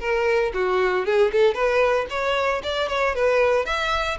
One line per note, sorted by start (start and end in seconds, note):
0.00 0.52 A#4
0.54 1.06 F#4
1.06 1.32 G#4
1.33 1.54 A4
1.54 2.06 B4
2.10 2.62 C#5
2.64 2.89 D5
2.89 3.15 C#5
3.15 3.66 B4
3.66 4.18 E5